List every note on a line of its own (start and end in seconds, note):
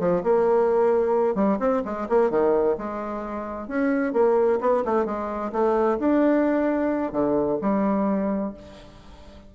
0.00 0.23 F3
0.24 1.36 A#3
1.36 1.59 G3
1.60 1.83 C4
1.85 2.09 G#3
2.09 2.31 A#3
2.31 2.77 D#3
2.78 3.68 G#3
3.68 4.14 C#4
4.14 4.60 A#3
4.61 4.84 B3
4.85 5.06 A3
5.06 5.52 G#3
5.53 5.99 A3
6.00 7.12 D4
7.12 7.59 D3
7.62 8.54 G3